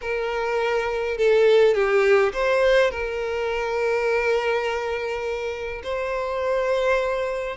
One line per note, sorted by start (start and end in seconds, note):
0.01 1.17 A#4
1.17 1.74 A4
1.74 2.32 G4
2.32 2.90 C5
2.90 5.81 A#4
5.83 7.56 C5